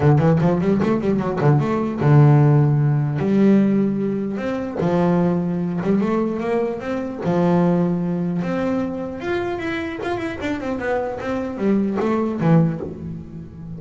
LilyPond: \new Staff \with { instrumentName = "double bass" } { \time 4/4 \tempo 4 = 150 d8 e8 f8 g8 a8 g8 fis8 d8 | a4 d2. | g2. c'4 | f2~ f8 g8 a4 |
ais4 c'4 f2~ | f4 c'2 f'4 | e'4 f'8 e'8 d'8 c'8 b4 | c'4 g4 a4 e4 | }